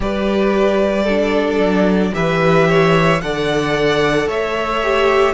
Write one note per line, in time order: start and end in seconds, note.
0.00 1.58 G3
0.00 1.06 G4
0.00 1.03 B4
0.00 2.14 D5
1.03 2.12 D4
1.03 2.10 A4
1.58 2.12 F#3
2.12 3.22 E3
2.12 3.20 G4
2.12 2.68 B4
2.12 3.21 E5
2.68 3.21 C#5
3.21 4.27 D3
3.21 4.83 A4
3.21 4.27 D5
3.21 4.28 F#5
4.27 5.33 A3
4.27 5.33 C#5
4.27 5.33 E5
4.83 5.33 G4